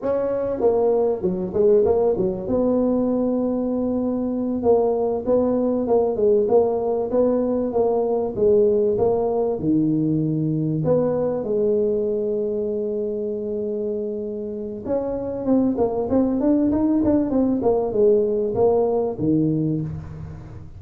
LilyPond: \new Staff \with { instrumentName = "tuba" } { \time 4/4 \tempo 4 = 97 cis'4 ais4 fis8 gis8 ais8 fis8 | b2.~ b8 ais8~ | ais8 b4 ais8 gis8 ais4 b8~ | b8 ais4 gis4 ais4 dis8~ |
dis4. b4 gis4.~ | gis1 | cis'4 c'8 ais8 c'8 d'8 dis'8 d'8 | c'8 ais8 gis4 ais4 dis4 | }